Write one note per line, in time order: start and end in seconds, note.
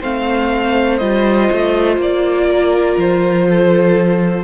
0.00 1.01 A3
0.00 1.01 C4
0.00 2.46 C5
0.00 0.99 F5
0.99 1.50 G3
0.99 4.44 F4
0.99 1.97 D#5
1.52 1.98 A3
1.98 2.96 A#3
1.98 3.00 D5
2.49 3.48 A#4
2.98 4.44 F3
2.98 4.44 C5
3.49 4.44 A4